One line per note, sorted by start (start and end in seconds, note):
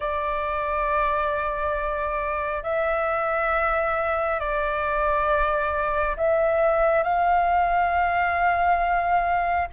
0.00 2.63 D5
2.63 4.39 E5
4.39 6.16 D5
6.16 7.03 E5
7.03 9.67 F5